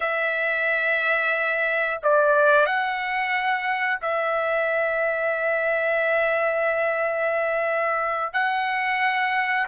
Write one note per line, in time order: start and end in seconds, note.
0.00 2.00 E5
2.02 2.66 D5
2.66 3.99 F#5
4.02 8.33 E5
8.33 9.66 F#5